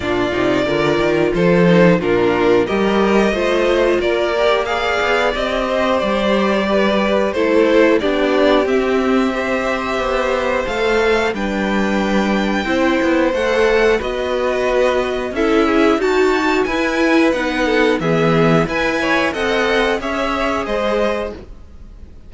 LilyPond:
<<
  \new Staff \with { instrumentName = "violin" } { \time 4/4 \tempo 4 = 90 d''2 c''4 ais'4 | dis''2 d''4 f''4 | dis''4 d''2 c''4 | d''4 e''2. |
f''4 g''2. | fis''4 dis''2 e''4 | a''4 gis''4 fis''4 e''4 | gis''4 fis''4 e''4 dis''4 | }
  \new Staff \with { instrumentName = "violin" } { \time 4/4 f'4 ais'4 a'4 f'4 | ais'4 c''4 ais'4 d''4~ | d''8 c''4. b'4 a'4 | g'2 c''2~ |
c''4 b'2 c''4~ | c''4 b'2 a'8 gis'8 | fis'4 b'4. a'8 gis'4 | b'8 cis''8 dis''4 cis''4 c''4 | }
  \new Staff \with { instrumentName = "viola" } { \time 4/4 d'8 dis'8 f'4. dis'8 d'4 | g'4 f'4. g'8 gis'4 | g'2. e'4 | d'4 c'4 g'2 |
a'4 d'2 e'4 | a'4 fis'2 e'4 | fis'4 e'4 dis'4 b4 | b'4 a'4 gis'2 | }
  \new Staff \with { instrumentName = "cello" } { \time 4/4 ais,8 c8 d8 dis8 f4 ais,4 | g4 a4 ais4. b8 | c'4 g2 a4 | b4 c'2 b4 |
a4 g2 c'8 b8 | a4 b2 cis'4 | dis'4 e'4 b4 e4 | e'4 c'4 cis'4 gis4 | }
>>